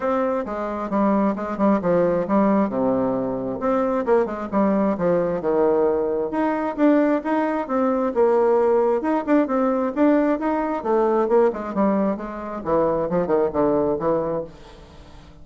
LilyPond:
\new Staff \with { instrumentName = "bassoon" } { \time 4/4 \tempo 4 = 133 c'4 gis4 g4 gis8 g8 | f4 g4 c2 | c'4 ais8 gis8 g4 f4 | dis2 dis'4 d'4 |
dis'4 c'4 ais2 | dis'8 d'8 c'4 d'4 dis'4 | a4 ais8 gis8 g4 gis4 | e4 f8 dis8 d4 e4 | }